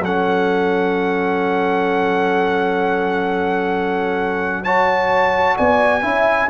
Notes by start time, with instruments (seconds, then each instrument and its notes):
0.00 tuba F#3, trombone C#4, horn A4, trumpet F#5
4.64 trombone F#4, horn C#5, trumpet A5
5.57 tuba B3, horn D5, trumpet G#5
6.02 tuba C#4, trombone E4, horn E5